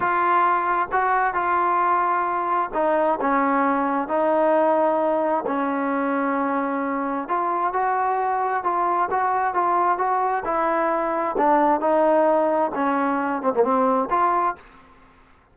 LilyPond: \new Staff \with { instrumentName = "trombone" } { \time 4/4 \tempo 4 = 132 f'2 fis'4 f'4~ | f'2 dis'4 cis'4~ | cis'4 dis'2. | cis'1 |
f'4 fis'2 f'4 | fis'4 f'4 fis'4 e'4~ | e'4 d'4 dis'2 | cis'4. c'16 ais16 c'4 f'4 | }